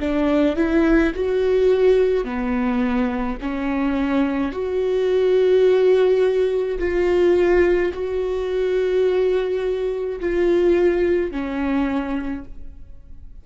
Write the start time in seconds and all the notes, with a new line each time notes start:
0.00 D4
0.57 E4
1.15 F#4
2.25 B3
3.41 C#4
4.52 F#4
6.79 F4
7.93 F#4
10.20 F4
11.32 C#4